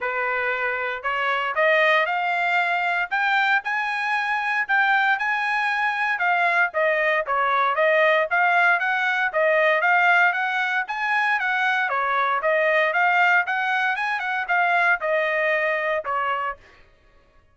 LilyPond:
\new Staff \with { instrumentName = "trumpet" } { \time 4/4 \tempo 4 = 116 b'2 cis''4 dis''4 | f''2 g''4 gis''4~ | gis''4 g''4 gis''2 | f''4 dis''4 cis''4 dis''4 |
f''4 fis''4 dis''4 f''4 | fis''4 gis''4 fis''4 cis''4 | dis''4 f''4 fis''4 gis''8 fis''8 | f''4 dis''2 cis''4 | }